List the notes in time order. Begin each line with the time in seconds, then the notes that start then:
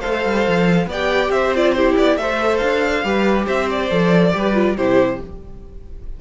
0.00 A3 A4 C5 F5
0.25 G3
0.47 F3
0.87 B3 G4 D5 G5
1.30 C4 C5 E5
1.55 F4 D5
1.72 E4 G4 C5
1.97 B3 D5
2.17 A3 A4 C5 E5
2.57 D4 F5
3.04 G3 G4 B4
3.46 C4 C5 E5
3.71 D5
3.91 F3 A4
4.32 G3 G4 B4
4.54 F4
4.77 C3 E4 G4 C5